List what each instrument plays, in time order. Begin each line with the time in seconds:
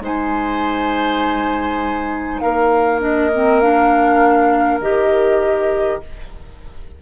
0.00 bassoon G#3, clarinet D#4, oboe C5, flute G#5
2.40 bassoon A#3, oboe A#4, flute F5
3.00 clarinet D4, flute D#5
3.35 clarinet C4
3.60 clarinet D4, flute F5
4.80 bassoon D#3, clarinet G4, flute D#5